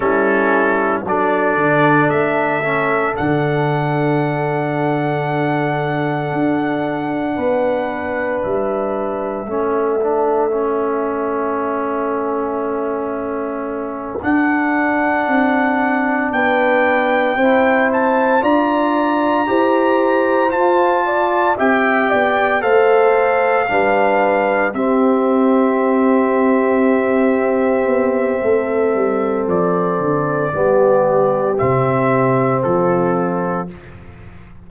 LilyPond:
<<
  \new Staff \with { instrumentName = "trumpet" } { \time 4/4 \tempo 4 = 57 a'4 d''4 e''4 fis''4~ | fis''1 | e''1~ | e''4. fis''2 g''8~ |
g''4 a''8 ais''2 a''8~ | a''8 g''4 f''2 e''8~ | e''1 | d''2 e''4 a'4 | }
  \new Staff \with { instrumentName = "horn" } { \time 4/4 e'4 a'2.~ | a'2. b'4~ | b'4 a'2.~ | a'2.~ a'8 b'8~ |
b'8 c''4 d''4 c''4. | d''8 e''8 d''8 c''4 b'4 g'8~ | g'2. a'4~ | a'4 g'2 f'4 | }
  \new Staff \with { instrumentName = "trombone" } { \time 4/4 cis'4 d'4. cis'8 d'4~ | d'1~ | d'4 cis'8 d'8 cis'2~ | cis'4. d'2~ d'8~ |
d'8 e'4 f'4 g'4 f'8~ | f'8 g'4 a'4 d'4 c'8~ | c'1~ | c'4 b4 c'2 | }
  \new Staff \with { instrumentName = "tuba" } { \time 4/4 g4 fis8 d8 a4 d4~ | d2 d'4 b4 | g4 a2.~ | a4. d'4 c'4 b8~ |
b8 c'4 d'4 e'4 f'8~ | f'8 c'8 b8 a4 g4 c'8~ | c'2~ c'8 b8 a8 g8 | f8 d8 g4 c4 f4 | }
>>